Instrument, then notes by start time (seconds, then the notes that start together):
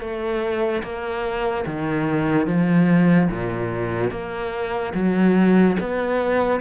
cello
0.00 A3
0.83 A#3
1.66 D#3
2.47 F3
3.30 A#2
4.11 A#3
4.94 F#3
5.79 B3